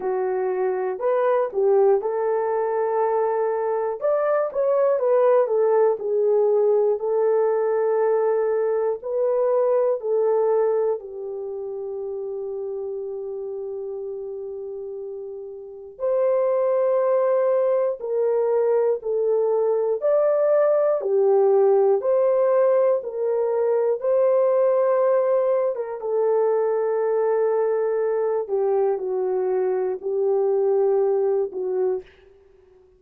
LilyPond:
\new Staff \with { instrumentName = "horn" } { \time 4/4 \tempo 4 = 60 fis'4 b'8 g'8 a'2 | d''8 cis''8 b'8 a'8 gis'4 a'4~ | a'4 b'4 a'4 g'4~ | g'1 |
c''2 ais'4 a'4 | d''4 g'4 c''4 ais'4 | c''4.~ c''16 ais'16 a'2~ | a'8 g'8 fis'4 g'4. fis'8 | }